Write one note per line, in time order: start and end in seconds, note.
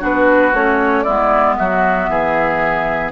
0.00 0.53 B3
0.00 0.52 D4
0.00 1.03 F#4
0.00 0.54 B4
0.53 1.05 A3
0.53 1.07 C#4
0.53 1.03 C#5
1.03 1.59 G#3
1.03 3.11 B3
1.03 1.55 E4
1.03 1.54 D5
1.56 2.08 F#3
1.56 2.10 F#4
1.56 3.11 E5
2.08 3.11 E3
2.08 3.11 G#4